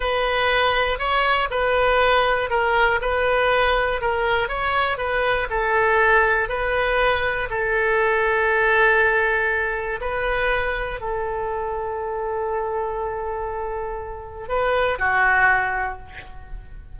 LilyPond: \new Staff \with { instrumentName = "oboe" } { \time 4/4 \tempo 4 = 120 b'2 cis''4 b'4~ | b'4 ais'4 b'2 | ais'4 cis''4 b'4 a'4~ | a'4 b'2 a'4~ |
a'1 | b'2 a'2~ | a'1~ | a'4 b'4 fis'2 | }